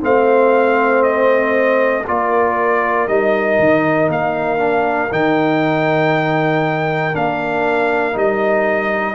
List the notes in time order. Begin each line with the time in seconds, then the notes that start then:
0.00 A3 C4 C5 F5
1.03 D#5
2.07 A#3 F4 A#4 D5
3.07 G3 D#4 D#5
3.59 D#3
4.08 A#3 F5
4.58 D4
5.11 D#3 D#4 G5
7.12 A#3 D4 F5
8.12 G3 D#4 D#5